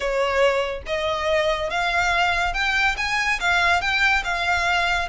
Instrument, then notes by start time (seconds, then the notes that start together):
violin
0.00 C#5
0.86 D#5
1.69 F5
2.53 G5
2.97 G#5
3.39 F5
3.81 G5
4.23 F5